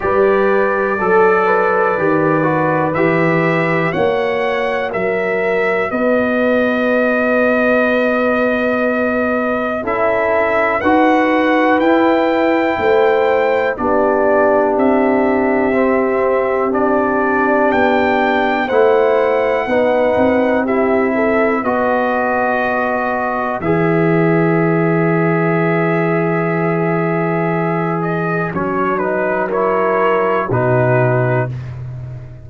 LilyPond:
<<
  \new Staff \with { instrumentName = "trumpet" } { \time 4/4 \tempo 4 = 61 d''2. e''4 | fis''4 e''4 dis''2~ | dis''2 e''4 fis''4 | g''2 d''4 e''4~ |
e''4 d''4 g''4 fis''4~ | fis''4 e''4 dis''2 | e''1~ | e''8 dis''8 cis''8 b'8 cis''4 b'4 | }
  \new Staff \with { instrumentName = "horn" } { \time 4/4 b'4 a'8 b'2~ b'8 | cis''4 ais'4 b'2~ | b'2 a'4 b'4~ | b'4 c''4 g'2~ |
g'2. c''4 | b'4 g'8 a'8 b'2~ | b'1~ | b'2 ais'4 fis'4 | }
  \new Staff \with { instrumentName = "trombone" } { \time 4/4 g'4 a'4 g'8 fis'8 g'4 | fis'1~ | fis'2 e'4 fis'4 | e'2 d'2 |
c'4 d'2 e'4 | dis'4 e'4 fis'2 | gis'1~ | gis'4 cis'8 dis'8 e'4 dis'4 | }
  \new Staff \with { instrumentName = "tuba" } { \time 4/4 g4 fis4 dis4 e4 | ais4 fis4 b2~ | b2 cis'4 dis'4 | e'4 a4 b4 c'4~ |
c'2 b4 a4 | b8 c'4. b2 | e1~ | e4 fis2 b,4 | }
>>